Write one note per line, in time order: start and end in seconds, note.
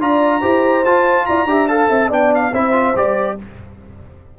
0.00 0.43 D4
0.00 0.42 F4
0.00 0.41 D5
0.00 0.85 A#5
0.41 0.85 E4
0.41 0.84 G4
0.41 1.26 C5
0.85 1.27 F4
0.85 1.48 F4
0.85 1.26 A5
1.26 1.45 E4
1.26 1.49 D5
1.26 1.68 A#5
1.45 1.87 D4
1.45 1.69 G4
1.45 1.70 E5
1.68 2.11 A4
1.68 1.90 F5
1.68 2.10 A5
1.90 2.10 C4
1.90 2.09 E5
2.09 2.53 B3
2.09 2.53 D4
2.09 2.52 D5
2.09 2.34 G5
2.35 2.55 F5
2.53 2.96 C4
2.53 2.73 E4
2.53 3.37 C5
2.53 2.97 E5
2.73 2.94 F4
2.96 3.38 G3
2.96 3.39 G4
2.96 3.39 D5